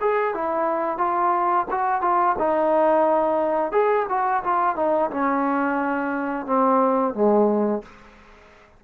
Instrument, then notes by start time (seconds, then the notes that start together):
trombone
0.00 G#4
0.34 E4
0.98 F4
1.70 F#4
2.01 F4
2.38 D#4
3.72 G#4
4.08 F#4
4.43 F4
4.76 D#4
5.10 C#4
6.46 C4
7.14 G#3